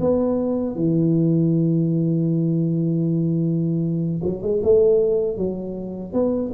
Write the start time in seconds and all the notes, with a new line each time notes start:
0.00 B3
0.75 E3
4.23 F#3
4.42 G#3
4.63 A3
5.37 F#3
6.13 B3